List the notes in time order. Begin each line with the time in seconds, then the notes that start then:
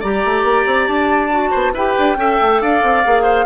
0.00 G3 G4 D5 A#5
0.25 A3
0.43 A#3
0.66 C4
0.88 D4 A5
1.31 F#4
1.51 B3 C5
1.73 E4 G4 B4 G5
1.98 D4
2.17 C#4 A4 E5
2.41 A3
2.62 D4 D5 F5
2.83 C4
3.04 A#3 G#4
3.23 C5